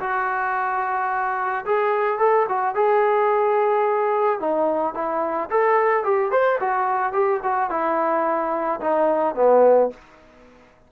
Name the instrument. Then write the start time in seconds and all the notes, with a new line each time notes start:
trombone
0.00 F#4
1.65 G#4
2.19 A4
2.49 F#4
2.75 G#4
4.40 D#4
4.94 E4
5.50 A4
6.04 G4
6.32 C5
6.60 F#4
7.13 G4
7.43 F#4
7.70 E4
8.81 D#4
9.35 B3